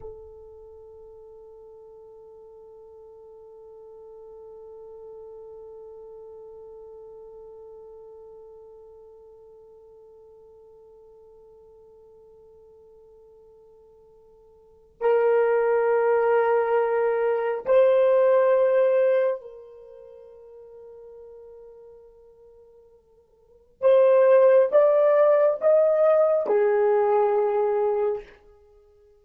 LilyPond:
\new Staff \with { instrumentName = "horn" } { \time 4/4 \tempo 4 = 68 a'1~ | a'1~ | a'1~ | a'1~ |
a'4 ais'2. | c''2 ais'2~ | ais'2. c''4 | d''4 dis''4 gis'2 | }